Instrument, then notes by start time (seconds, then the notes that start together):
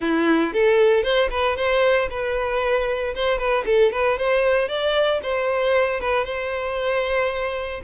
violin
0.00 E4
0.53 A4
1.03 C5
1.30 B4
1.56 C5
2.09 B4
3.14 C5
3.38 B4
3.65 A4
3.92 B4
4.18 C5
4.68 D5
5.22 C5
6.00 B4
6.24 C5